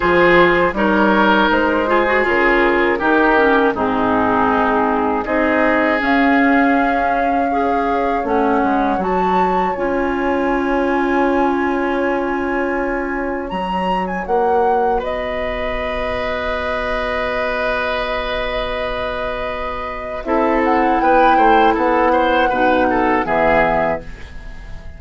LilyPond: <<
  \new Staff \with { instrumentName = "flute" } { \time 4/4 \tempo 4 = 80 c''4 cis''4 c''4 ais'4~ | ais'4 gis'2 dis''4 | f''2. fis''4 | a''4 gis''2.~ |
gis''2 ais''8. gis''16 fis''4 | dis''1~ | dis''2. e''8 fis''8 | g''4 fis''2 e''4 | }
  \new Staff \with { instrumentName = "oboe" } { \time 4/4 gis'4 ais'4. gis'4. | g'4 dis'2 gis'4~ | gis'2 cis''2~ | cis''1~ |
cis''1 | b'1~ | b'2. a'4 | b'8 c''8 a'8 c''8 b'8 a'8 gis'4 | }
  \new Staff \with { instrumentName = "clarinet" } { \time 4/4 f'4 dis'4. f'16 fis'16 f'4 | dis'8 cis'8 c'2 dis'4 | cis'2 gis'4 cis'4 | fis'4 f'2.~ |
f'2 fis'2~ | fis'1~ | fis'2. e'4~ | e'2 dis'4 b4 | }
  \new Staff \with { instrumentName = "bassoon" } { \time 4/4 f4 g4 gis4 cis4 | dis4 gis,2 c'4 | cis'2. a8 gis8 | fis4 cis'2.~ |
cis'2 fis4 ais4 | b1~ | b2. c'4 | b8 a8 b4 b,4 e4 | }
>>